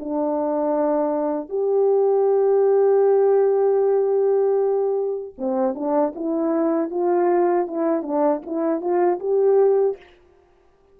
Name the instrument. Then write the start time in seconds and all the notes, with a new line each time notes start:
horn
0.00 D4
1.50 G4
5.38 C4
5.75 D4
6.15 E4
6.91 F4
7.67 E4
8.03 D4
8.47 E4
8.81 F4
9.20 G4